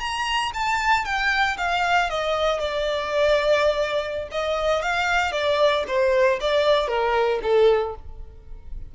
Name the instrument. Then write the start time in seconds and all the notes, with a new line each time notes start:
violin
0.00 A#5
0.54 A5
1.05 G5
1.58 F5
2.10 D#5
2.60 D5
4.32 D#5
4.83 F5
5.32 D5
5.88 C5
6.41 D5
6.88 A#4
7.43 A4